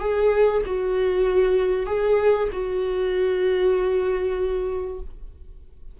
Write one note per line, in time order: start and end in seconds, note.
0.00 0.62 G#4
0.66 1.86 F#4
1.86 2.48 G#4
2.52 5.00 F#4